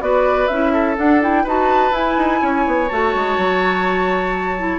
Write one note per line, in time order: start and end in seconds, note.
0.00 0.48 B3
0.00 0.48 F#4
0.00 0.73 B4
0.00 0.47 D5
0.47 0.97 C#4
0.47 0.96 E4
0.47 0.95 E5
0.73 1.43 A4
0.96 1.20 D4
0.96 1.45 D4
0.96 1.22 F#5
1.21 1.45 E4
1.21 1.47 G5
1.43 1.91 D#4
1.43 1.92 F#4
1.43 2.39 B4
1.43 1.94 A5
1.91 2.15 E4
1.91 2.88 E4
1.91 2.89 G#5
2.17 2.41 D#4
2.41 2.66 C#4
2.41 4.79 C#5
2.66 2.90 B3
2.89 3.14 A3
2.89 4.59 F#4
2.89 4.79 A5
3.14 3.37 G#3
3.37 4.79 F#3
4.59 4.79 E4